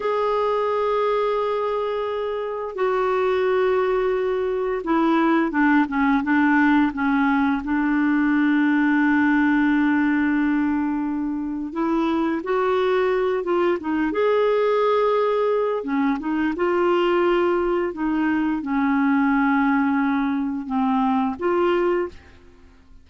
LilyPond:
\new Staff \with { instrumentName = "clarinet" } { \time 4/4 \tempo 4 = 87 gis'1 | fis'2. e'4 | d'8 cis'8 d'4 cis'4 d'4~ | d'1~ |
d'4 e'4 fis'4. f'8 | dis'8 gis'2~ gis'8 cis'8 dis'8 | f'2 dis'4 cis'4~ | cis'2 c'4 f'4 | }